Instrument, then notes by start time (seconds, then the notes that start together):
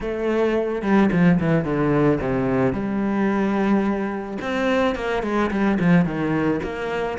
cello
0.00 A3
0.82 G3
1.12 F3
1.40 E3
1.64 D3
2.20 C3
2.72 G3
4.41 C4
4.95 A#3
5.22 G#3
5.50 G3
5.79 F3
6.05 D#3
6.63 A#3